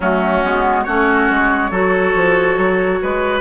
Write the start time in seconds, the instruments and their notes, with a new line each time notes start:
0.00 bassoon F#3, clarinet A3, oboe C#4, flute F#4
0.43 bassoon G#3, clarinet B3
0.83 bassoon A3, clarinet C#4, oboe F#4, flute C#5
1.30 bassoon G#3
1.70 bassoon F#3, clarinet F#4, oboe A4
2.15 bassoon F3
2.57 bassoon F#3
3.01 bassoon G#3, oboe B4